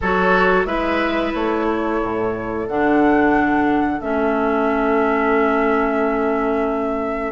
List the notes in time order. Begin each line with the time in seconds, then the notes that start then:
0.01 F#3 F#4 A4 C#5
0.65 G#3 E4 B4 E5
1.34 A3 C#5
1.65 A4
2.02 A2
2.67 D3 D4 F#5
4.00 A3 C#4 E5